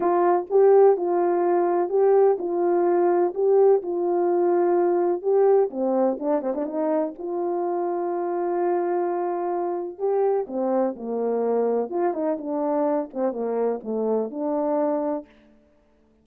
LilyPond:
\new Staff \with { instrumentName = "horn" } { \time 4/4 \tempo 4 = 126 f'4 g'4 f'2 | g'4 f'2 g'4 | f'2. g'4 | c'4 d'8 c'16 d'16 dis'4 f'4~ |
f'1~ | f'4 g'4 c'4 ais4~ | ais4 f'8 dis'8 d'4. c'8 | ais4 a4 d'2 | }